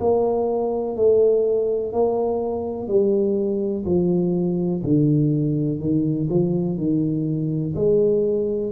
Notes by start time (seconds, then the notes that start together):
0.00 A#3
0.96 A3
1.93 A#3
2.88 G3
3.85 F3
4.83 D3
5.80 D#3
6.30 F3
6.77 D#3
7.75 G#3